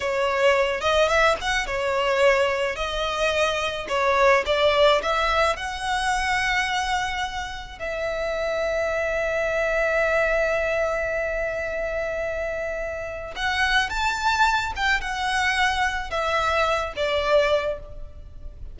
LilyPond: \new Staff \with { instrumentName = "violin" } { \time 4/4 \tempo 4 = 108 cis''4. dis''8 e''8 fis''8 cis''4~ | cis''4 dis''2 cis''4 | d''4 e''4 fis''2~ | fis''2 e''2~ |
e''1~ | e''1 | fis''4 a''4. g''8 fis''4~ | fis''4 e''4. d''4. | }